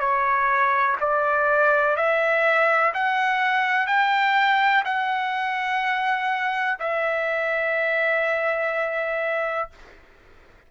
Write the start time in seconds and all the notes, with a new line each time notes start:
0.00 C#5
1.01 D5
1.97 E5
2.94 F#5
3.87 G5
4.85 F#5
6.80 E5